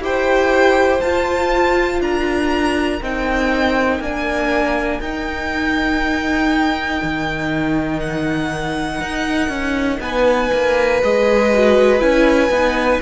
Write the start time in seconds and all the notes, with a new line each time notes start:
0.00 E4 G4 C5 G5
1.01 F4 A5
2.01 D4 A#4 A#5
3.02 C4 D#4 G5
4.00 A#3 D4 G#5
5.01 D#4 G5
7.03 D#3
8.00 F#5
9.02 D#4
9.49 C#4
10.01 B3 B4 G#5
10.53 A#3
11.03 G#3 G#4 D#5
11.54 F#4
12.00 C#4 E4 G#5
12.50 B3 D#4